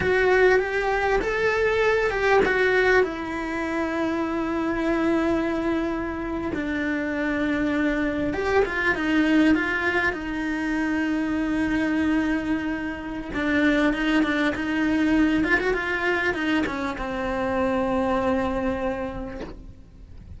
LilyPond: \new Staff \with { instrumentName = "cello" } { \time 4/4 \tempo 4 = 99 fis'4 g'4 a'4. g'8 | fis'4 e'2.~ | e'2~ e'8. d'4~ d'16~ | d'4.~ d'16 g'8 f'8 dis'4 f'16~ |
f'8. dis'2.~ dis'16~ | dis'2 d'4 dis'8 d'8 | dis'4. f'16 fis'16 f'4 dis'8 cis'8 | c'1 | }